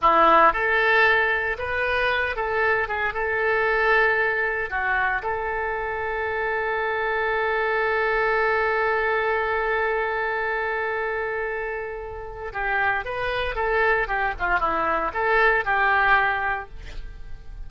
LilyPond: \new Staff \with { instrumentName = "oboe" } { \time 4/4 \tempo 4 = 115 e'4 a'2 b'4~ | b'8 a'4 gis'8 a'2~ | a'4 fis'4 a'2~ | a'1~ |
a'1~ | a'1 | g'4 b'4 a'4 g'8 f'8 | e'4 a'4 g'2 | }